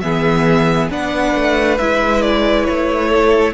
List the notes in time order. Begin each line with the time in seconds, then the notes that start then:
0.00 E3 B3 G#4 E5
0.90 B3 D4 B4 F#5
1.34 A3
1.78 G#3 E4 E5
2.21 D5
2.65 A3 C#5
3.08 A4